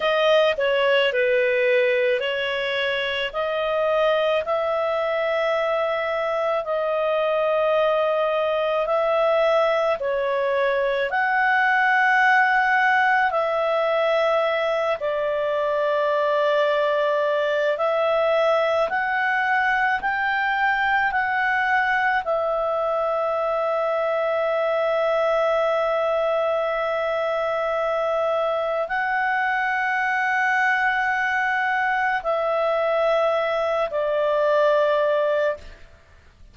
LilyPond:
\new Staff \with { instrumentName = "clarinet" } { \time 4/4 \tempo 4 = 54 dis''8 cis''8 b'4 cis''4 dis''4 | e''2 dis''2 | e''4 cis''4 fis''2 | e''4. d''2~ d''8 |
e''4 fis''4 g''4 fis''4 | e''1~ | e''2 fis''2~ | fis''4 e''4. d''4. | }